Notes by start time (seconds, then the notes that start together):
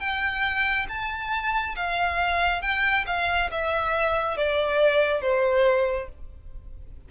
0.00 G5
0.89 A5
1.76 F5
2.62 G5
3.07 F5
3.51 E5
4.38 D5
5.22 C5